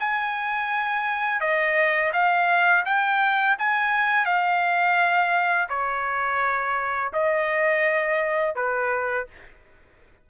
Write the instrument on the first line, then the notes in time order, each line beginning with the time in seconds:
trumpet
0.00 G#5
1.41 D#5
2.13 F5
2.85 G5
3.59 G#5
4.25 F5
5.69 C#5
7.13 D#5
8.56 B4